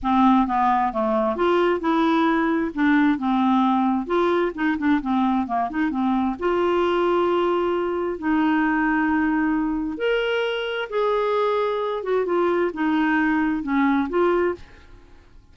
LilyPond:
\new Staff \with { instrumentName = "clarinet" } { \time 4/4 \tempo 4 = 132 c'4 b4 a4 f'4 | e'2 d'4 c'4~ | c'4 f'4 dis'8 d'8 c'4 | ais8 dis'8 c'4 f'2~ |
f'2 dis'2~ | dis'2 ais'2 | gis'2~ gis'8 fis'8 f'4 | dis'2 cis'4 f'4 | }